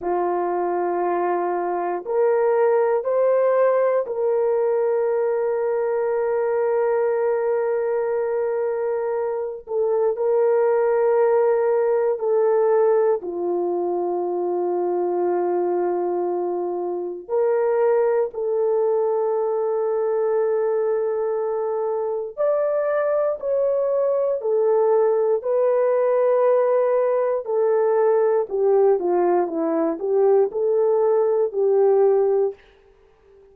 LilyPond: \new Staff \with { instrumentName = "horn" } { \time 4/4 \tempo 4 = 59 f'2 ais'4 c''4 | ais'1~ | ais'4. a'8 ais'2 | a'4 f'2.~ |
f'4 ais'4 a'2~ | a'2 d''4 cis''4 | a'4 b'2 a'4 | g'8 f'8 e'8 g'8 a'4 g'4 | }